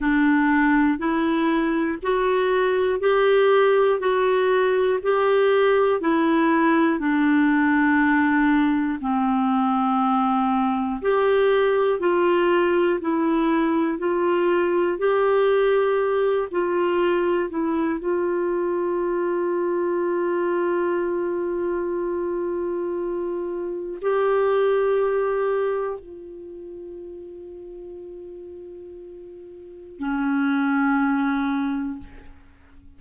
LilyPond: \new Staff \with { instrumentName = "clarinet" } { \time 4/4 \tempo 4 = 60 d'4 e'4 fis'4 g'4 | fis'4 g'4 e'4 d'4~ | d'4 c'2 g'4 | f'4 e'4 f'4 g'4~ |
g'8 f'4 e'8 f'2~ | f'1 | g'2 f'2~ | f'2 cis'2 | }